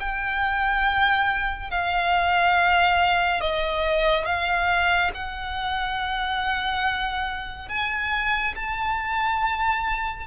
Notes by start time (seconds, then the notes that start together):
0.00 G5
1.70 F5
3.41 D#5
4.25 F5
5.14 F#5
7.69 G#5
8.56 A5